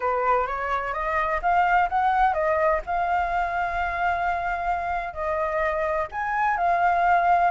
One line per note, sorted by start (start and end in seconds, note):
0.00 0.46 B4
0.47 0.93 C#5
0.93 1.40 D#5
1.42 1.89 F5
1.89 2.33 F#5
2.33 2.80 D#5
2.86 5.13 F5
5.13 6.07 D#5
6.11 6.57 G#5
6.57 7.50 F5